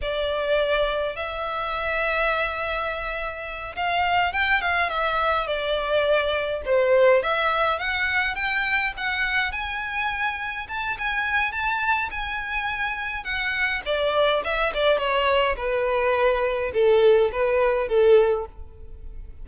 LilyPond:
\new Staff \with { instrumentName = "violin" } { \time 4/4 \tempo 4 = 104 d''2 e''2~ | e''2~ e''8 f''4 g''8 | f''8 e''4 d''2 c''8~ | c''8 e''4 fis''4 g''4 fis''8~ |
fis''8 gis''2 a''8 gis''4 | a''4 gis''2 fis''4 | d''4 e''8 d''8 cis''4 b'4~ | b'4 a'4 b'4 a'4 | }